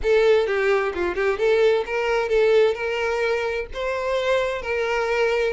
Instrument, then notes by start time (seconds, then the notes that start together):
violin
0.03 A4
0.46 G4
0.94 F4
1.15 G4
1.38 A4
1.86 A#4
2.28 A4
2.74 A#4
3.73 C5
4.62 A#4